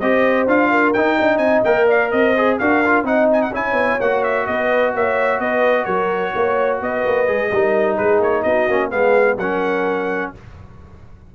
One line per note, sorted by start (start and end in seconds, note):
0.00 0.47 C4
0.00 0.48 G4
0.00 0.70 C5
0.00 0.47 D#5
0.47 0.94 D4
0.47 0.95 F4
0.47 0.93 F5
0.70 1.16 A#4
0.93 1.19 D#4
0.93 1.65 D#4
0.93 1.38 G5
1.16 1.38 D4
1.16 1.86 D#5
1.38 1.61 C4
1.38 1.61 G#5
1.64 2.12 A#3
1.64 2.35 A#4
1.64 1.87 G5
1.86 2.10 D5
1.86 2.11 F5
2.11 2.59 C4
2.11 2.60 C5
2.11 2.57 D#5
2.37 2.60 G#4
2.58 3.03 D4
2.58 2.84 F#4
2.58 3.05 A#4
2.58 3.05 F5
2.86 3.04 F4
3.03 3.50 C4
3.03 3.51 D#4
3.03 3.51 D#5
3.03 3.29 F#5
3.32 3.42 G#5
3.42 3.53 F#5
3.51 3.72 C#4
3.51 4.00 E4
3.51 4.45 C#5
3.51 4.00 G#5
3.72 3.96 B3
4.00 4.47 A#3
4.00 7.26 F#4
4.00 4.23 F#5
4.23 4.46 E5
4.46 4.94 B3
4.46 4.93 B4
4.46 4.93 D#5
4.94 5.40 A#3
4.94 5.41 C#5
4.94 5.40 E5
5.40 5.86 B3
5.40 5.85 B4
5.40 5.85 D#5
5.85 6.33 F#3
5.85 6.32 A#4
5.85 6.78 C#5
6.34 6.81 A#3
6.34 6.80 C#5
6.80 7.04 B3
6.80 7.50 B4
6.80 7.97 D#5
7.06 7.28 A#3
7.26 7.51 G#3
7.26 7.50 G#4
7.52 7.98 G3
7.52 8.69 D#4
7.52 7.97 A#4
7.97 8.20 G#3
7.97 8.43 G#4
7.97 8.20 B4
8.20 8.43 A#3
8.20 8.42 C#5
8.42 8.68 B3
8.42 8.90 F#4
8.42 8.89 D#5
8.68 8.91 A#3
8.68 8.90 C#4
8.90 9.37 G#3
8.90 9.37 B3
8.90 9.37 G#4
8.90 9.38 F5
9.37 10.30 F#3
9.37 10.35 C#4
9.37 10.32 A#4
9.37 10.32 F#5